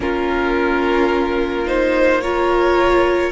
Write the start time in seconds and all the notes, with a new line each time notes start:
0.00 A#3 C#4 F4 A#4
1.66 D#4 C5
2.21 F4 A#4 C#5